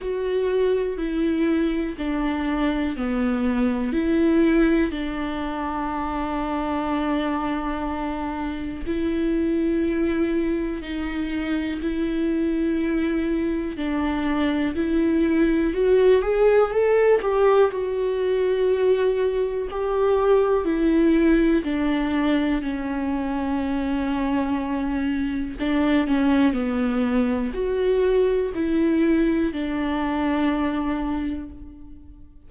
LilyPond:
\new Staff \with { instrumentName = "viola" } { \time 4/4 \tempo 4 = 61 fis'4 e'4 d'4 b4 | e'4 d'2.~ | d'4 e'2 dis'4 | e'2 d'4 e'4 |
fis'8 gis'8 a'8 g'8 fis'2 | g'4 e'4 d'4 cis'4~ | cis'2 d'8 cis'8 b4 | fis'4 e'4 d'2 | }